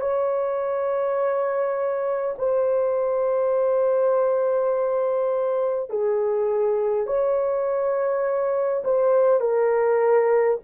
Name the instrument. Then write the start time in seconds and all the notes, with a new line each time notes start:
horn
0.00 C#5
2.38 C5
5.90 G#4
7.06 C#5
8.84 C5
9.40 A#4